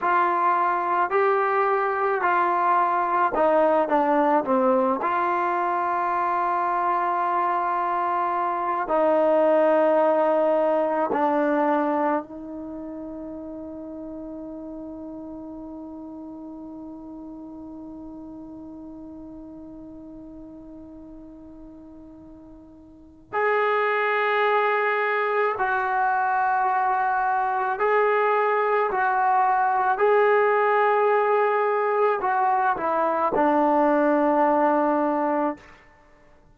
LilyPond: \new Staff \with { instrumentName = "trombone" } { \time 4/4 \tempo 4 = 54 f'4 g'4 f'4 dis'8 d'8 | c'8 f'2.~ f'8 | dis'2 d'4 dis'4~ | dis'1~ |
dis'1~ | dis'4 gis'2 fis'4~ | fis'4 gis'4 fis'4 gis'4~ | gis'4 fis'8 e'8 d'2 | }